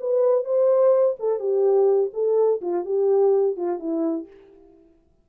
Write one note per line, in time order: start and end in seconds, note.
0.00 0.45 B4
0.45 1.16 C5
1.19 1.39 A4
1.39 2.11 G4
2.13 2.61 A4
2.61 2.85 F4
2.85 3.56 G4
3.57 3.79 F4
3.79 4.27 E4